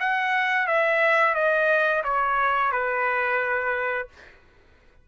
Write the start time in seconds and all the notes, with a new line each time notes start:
0.00 F#5
0.67 E5
1.35 D#5
2.04 C#5
2.72 B4